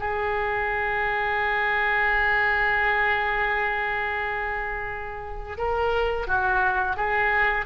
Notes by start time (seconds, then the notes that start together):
0.00 G#4
5.58 A#4
6.28 F#4
6.97 G#4